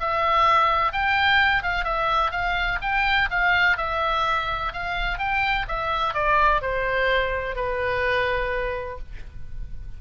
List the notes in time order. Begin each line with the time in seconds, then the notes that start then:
0.00 E5
0.93 G5
1.63 F5
1.85 E5
2.31 F5
2.82 G5
3.31 F5
3.78 E5
4.73 F5
5.19 G5
5.68 E5
6.14 D5
6.62 C5
7.56 B4